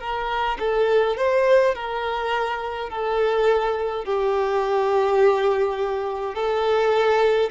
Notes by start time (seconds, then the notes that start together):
0.00 A#4
0.59 A4
1.17 C5
1.75 A#4
2.90 A4
4.04 G4
6.35 A4